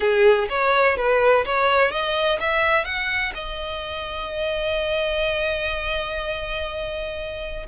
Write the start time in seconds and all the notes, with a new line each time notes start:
0.00 G#4
0.49 C#5
0.96 B4
1.45 C#5
1.91 D#5
2.40 E5
2.84 F#5
3.34 D#5